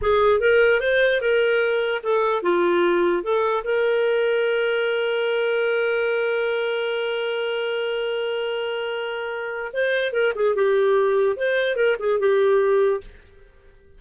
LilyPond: \new Staff \with { instrumentName = "clarinet" } { \time 4/4 \tempo 4 = 148 gis'4 ais'4 c''4 ais'4~ | ais'4 a'4 f'2 | a'4 ais'2.~ | ais'1~ |
ais'1~ | ais'1 | c''4 ais'8 gis'8 g'2 | c''4 ais'8 gis'8 g'2 | }